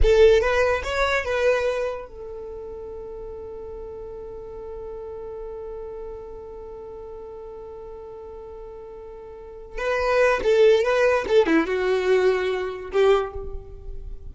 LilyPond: \new Staff \with { instrumentName = "violin" } { \time 4/4 \tempo 4 = 144 a'4 b'4 cis''4 b'4~ | b'4 a'2.~ | a'1~ | a'1~ |
a'1~ | a'2.~ a'8 b'8~ | b'4 a'4 b'4 a'8 e'8 | fis'2. g'4 | }